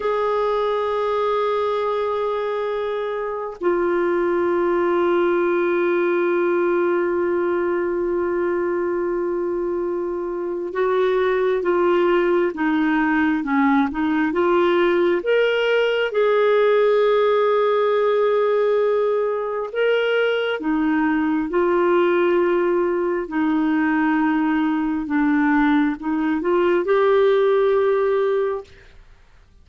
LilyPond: \new Staff \with { instrumentName = "clarinet" } { \time 4/4 \tempo 4 = 67 gis'1 | f'1~ | f'1 | fis'4 f'4 dis'4 cis'8 dis'8 |
f'4 ais'4 gis'2~ | gis'2 ais'4 dis'4 | f'2 dis'2 | d'4 dis'8 f'8 g'2 | }